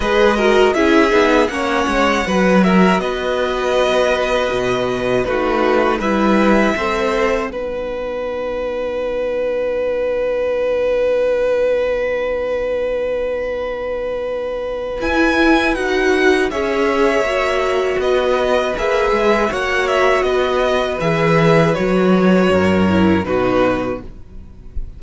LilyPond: <<
  \new Staff \with { instrumentName = "violin" } { \time 4/4 \tempo 4 = 80 dis''4 e''4 fis''4. e''8 | dis''2. b'4 | e''2 fis''2~ | fis''1~ |
fis''1 | gis''4 fis''4 e''2 | dis''4 e''4 fis''8 e''8 dis''4 | e''4 cis''2 b'4 | }
  \new Staff \with { instrumentName = "violin" } { \time 4/4 b'8 ais'8 gis'4 cis''4 b'8 ais'8 | b'2. fis'4 | b'4 c''4 b'2~ | b'1~ |
b'1~ | b'2 cis''2 | b'2 cis''4 b'4~ | b'2 ais'4 fis'4 | }
  \new Staff \with { instrumentName = "viola" } { \time 4/4 gis'8 fis'8 e'8 dis'8 cis'4 fis'4~ | fis'2. dis'4 | e'4 a'4 dis'2~ | dis'1~ |
dis'1 | e'4 fis'4 gis'4 fis'4~ | fis'4 gis'4 fis'2 | gis'4 fis'4. e'8 dis'4 | }
  \new Staff \with { instrumentName = "cello" } { \time 4/4 gis4 cis'8 b8 ais8 gis8 fis4 | b2 b,4 a4 | g4 c'4 b2~ | b1~ |
b1 | e'4 dis'4 cis'4 ais4 | b4 ais8 gis8 ais4 b4 | e4 fis4 fis,4 b,4 | }
>>